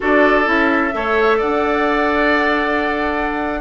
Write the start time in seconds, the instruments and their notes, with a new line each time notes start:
0.00 bassoon D4, clarinet F#4, oboe A4, flute D5
0.45 bassoon C#4, clarinet E4, flute E5
0.92 bassoon A3, clarinet A4, oboe C#5
1.37 bassoon D4, oboe D5, flute F#5